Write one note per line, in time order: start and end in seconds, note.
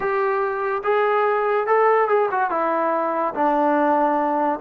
0.00 0.82 G4
0.83 1.66 G#4
1.67 2.08 A4
2.08 2.29 G#4
2.31 2.50 F#4
2.50 3.33 E4
3.34 4.59 D4